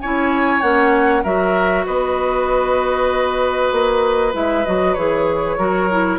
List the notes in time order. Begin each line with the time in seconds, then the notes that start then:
0.00 C#4 E4 C#5 G#5
0.61 A#3 C#4 F#5
1.23 F#3 F#4 A#4 E5
1.86 B3 B4 D#5
3.72 A#3
4.34 G#3 E4 E5
4.66 F#3 F#4 D#5
4.94 E3 G#4 C#5
5.58 F#3 F#4 A#4
5.91 E4